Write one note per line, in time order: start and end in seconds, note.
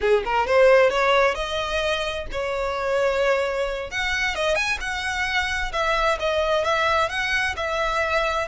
0.00 0.23 G#4
0.24 0.46 A#4
0.46 0.90 C5
0.90 1.34 C#5
1.34 2.26 D#5
2.31 3.90 C#5
3.90 4.35 F#5
4.35 4.55 D#5
4.55 4.78 G#5
4.80 5.72 F#5
5.72 6.18 E5
6.19 6.64 D#5
6.64 7.09 E5
7.09 7.55 F#5
7.56 8.47 E5